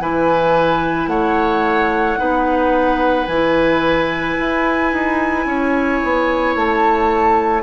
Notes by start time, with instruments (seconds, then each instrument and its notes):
0.00 bassoon E3, clarinet E4, oboe B4, flute G#5
1.07 bassoon A3, oboe C#5, flute F#5
2.17 bassoon B3, clarinet D#4, oboe B4
3.27 bassoon E3, flute G#5
3.33 clarinet E4
4.39 bassoon E4
4.93 bassoon D#4
5.46 bassoon C#4, oboe C#5
6.04 bassoon B3
6.56 bassoon A3, flute A5